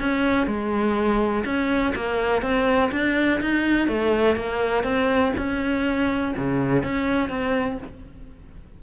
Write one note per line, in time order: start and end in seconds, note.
0.00 0.47 C#4
0.47 1.45 G#3
1.45 1.94 C#4
1.96 2.42 A#3
2.42 2.91 C4
2.92 3.41 D4
3.41 3.88 D#4
3.88 4.36 A3
4.36 4.84 A#3
4.84 5.33 C4
5.38 6.35 C#4
6.37 6.83 C#3
6.83 7.29 C#4
7.29 7.78 C4